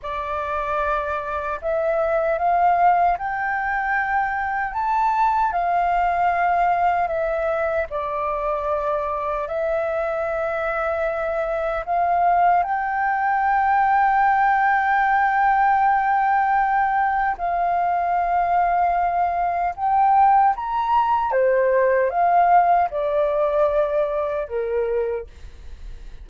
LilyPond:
\new Staff \with { instrumentName = "flute" } { \time 4/4 \tempo 4 = 76 d''2 e''4 f''4 | g''2 a''4 f''4~ | f''4 e''4 d''2 | e''2. f''4 |
g''1~ | g''2 f''2~ | f''4 g''4 ais''4 c''4 | f''4 d''2 ais'4 | }